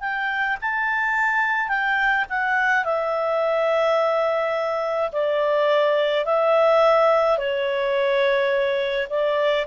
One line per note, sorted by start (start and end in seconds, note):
0.00 0.57 G5
0.61 1.68 A5
1.68 2.25 G5
2.29 2.84 F#5
2.84 5.10 E5
5.12 6.25 D5
6.25 7.37 E5
7.37 9.07 C#5
9.09 9.66 D5